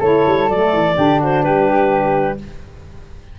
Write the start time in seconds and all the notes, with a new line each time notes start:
0.00 A3 E4 A4 C#5
0.26 G3
0.49 F#3 A3 D5
0.73 E3
0.96 D3 D4 G4
1.19 F#4 C5
1.43 G3 G4 B4